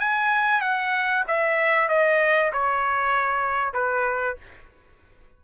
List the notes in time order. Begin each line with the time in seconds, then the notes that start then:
0.00 G#5
0.61 F#5
1.28 E5
1.89 D#5
2.53 C#5
3.73 B4